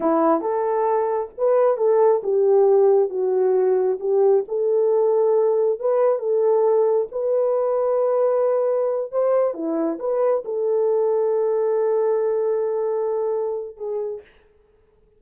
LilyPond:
\new Staff \with { instrumentName = "horn" } { \time 4/4 \tempo 4 = 135 e'4 a'2 b'4 | a'4 g'2 fis'4~ | fis'4 g'4 a'2~ | a'4 b'4 a'2 |
b'1~ | b'8 c''4 e'4 b'4 a'8~ | a'1~ | a'2. gis'4 | }